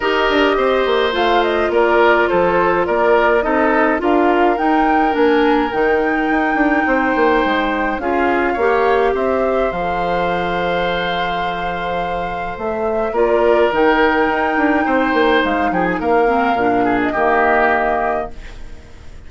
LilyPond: <<
  \new Staff \with { instrumentName = "flute" } { \time 4/4 \tempo 4 = 105 dis''2 f''8 dis''8 d''4 | c''4 d''4 dis''4 f''4 | g''4 gis''4 g''2~ | g''2 f''2 |
e''4 f''2.~ | f''2 e''4 d''4 | g''2. f''8 g''16 gis''16 | f''4.~ f''16 dis''2~ dis''16 | }
  \new Staff \with { instrumentName = "oboe" } { \time 4/4 ais'4 c''2 ais'4 | a'4 ais'4 a'4 ais'4~ | ais'1 | c''2 gis'4 cis''4 |
c''1~ | c''2. ais'4~ | ais'2 c''4. gis'8 | ais'4. gis'8 g'2 | }
  \new Staff \with { instrumentName = "clarinet" } { \time 4/4 g'2 f'2~ | f'2 dis'4 f'4 | dis'4 d'4 dis'2~ | dis'2 f'4 g'4~ |
g'4 a'2.~ | a'2. f'4 | dis'1~ | dis'8 c'8 d'4 ais2 | }
  \new Staff \with { instrumentName = "bassoon" } { \time 4/4 dis'8 d'8 c'8 ais8 a4 ais4 | f4 ais4 c'4 d'4 | dis'4 ais4 dis4 dis'8 d'8 | c'8 ais8 gis4 cis'4 ais4 |
c'4 f2.~ | f2 a4 ais4 | dis4 dis'8 d'8 c'8 ais8 gis8 f8 | ais4 ais,4 dis2 | }
>>